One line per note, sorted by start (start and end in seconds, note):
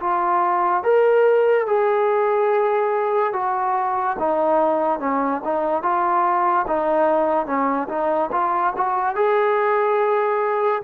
0.00 0.83 F4
0.83 1.66 A#4
1.66 3.33 G#4
3.33 4.16 F#4
4.19 4.99 D#4
4.99 5.41 C#4
5.44 5.83 D#4
5.83 6.66 F4
6.67 7.46 D#4
7.46 7.87 C#4
7.88 8.30 D#4
8.31 8.73 F4
8.77 9.15 F#4
9.15 10.82 G#4